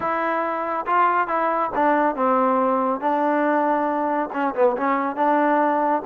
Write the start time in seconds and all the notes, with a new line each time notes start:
0.00 E4
0.86 F4
1.27 E4
1.74 D4
2.15 C4
3.00 D4
4.32 C#4
4.54 B3
4.76 C#4
5.16 D4